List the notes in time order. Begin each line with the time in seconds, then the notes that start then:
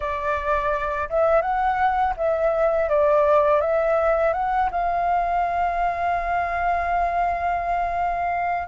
0.00 D5
1.09 E5
1.41 F#5
2.17 E5
2.89 D5
3.60 E5
4.33 F#5
4.71 F5